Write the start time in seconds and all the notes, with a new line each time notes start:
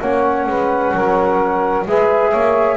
0.00 A#3 C#4 C#5 F#5
0.47 G#3 B4
0.94 F#3 A#4
1.87 G#3 G#4 B4 E5
2.30 A#3 C#5